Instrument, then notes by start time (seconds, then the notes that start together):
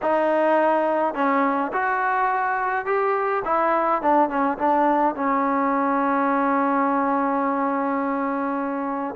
trombone
0.02 D#4
1.14 C#4
1.72 F#4
2.85 G4
3.44 E4
4.02 D4
4.29 C#4
4.57 D4
5.15 C#4